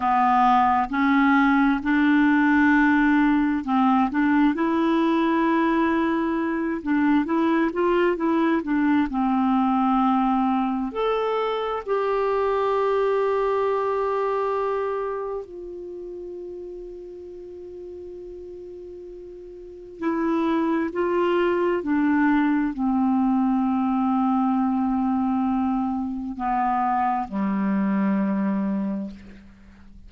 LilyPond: \new Staff \with { instrumentName = "clarinet" } { \time 4/4 \tempo 4 = 66 b4 cis'4 d'2 | c'8 d'8 e'2~ e'8 d'8 | e'8 f'8 e'8 d'8 c'2 | a'4 g'2.~ |
g'4 f'2.~ | f'2 e'4 f'4 | d'4 c'2.~ | c'4 b4 g2 | }